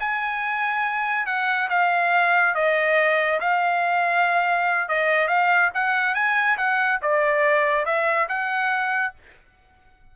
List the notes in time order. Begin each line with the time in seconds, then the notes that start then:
0.00 G#5
1.26 F#5
1.70 F5
2.55 D#5
3.40 F5
4.89 D#5
5.28 F5
5.74 F#5
6.15 G#5
6.58 F#5
7.02 D5
7.86 E5
8.29 F#5